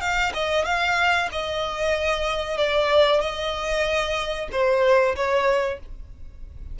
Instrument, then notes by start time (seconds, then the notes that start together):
violin
0.00 F5
0.34 D#5
0.65 F5
1.31 D#5
2.57 D5
3.21 D#5
4.51 C5
5.16 C#5